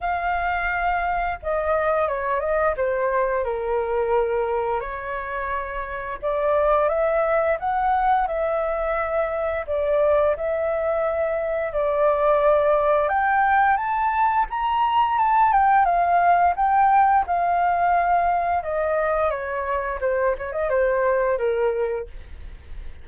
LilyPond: \new Staff \with { instrumentName = "flute" } { \time 4/4 \tempo 4 = 87 f''2 dis''4 cis''8 dis''8 | c''4 ais'2 cis''4~ | cis''4 d''4 e''4 fis''4 | e''2 d''4 e''4~ |
e''4 d''2 g''4 | a''4 ais''4 a''8 g''8 f''4 | g''4 f''2 dis''4 | cis''4 c''8 cis''16 dis''16 c''4 ais'4 | }